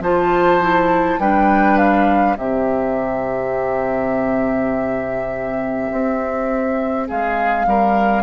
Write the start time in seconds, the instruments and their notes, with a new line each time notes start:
0.00 bassoon F3, clarinet F4, oboe C5, flute A5
0.61 clarinet E4
1.19 bassoon G3, clarinet D4, oboe B4, flute G5
1.78 flute F5
2.36 bassoon C3, clarinet C4, oboe G4, flute E5
5.91 bassoon C4
7.07 bassoon G#3, oboe G#4, flute F5
7.66 bassoon G3, oboe A#4